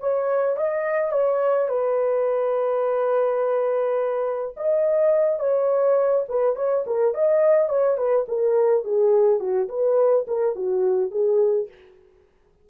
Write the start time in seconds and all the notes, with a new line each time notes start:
0.00 C#5
0.57 D#5
1.12 C#5
1.69 B4
4.57 D#5
5.39 C#5
6.29 B4
6.56 C#5
6.87 A#4
7.14 D#5
7.69 C#5
7.97 B4
8.28 A#4
8.84 G#4
9.40 F#4
9.69 B4
10.27 A#4
10.55 F#4
11.11 G#4